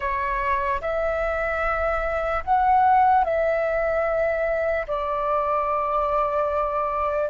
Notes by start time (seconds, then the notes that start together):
0.00 C#5
0.81 E5
2.44 F#5
3.24 E5
4.87 D5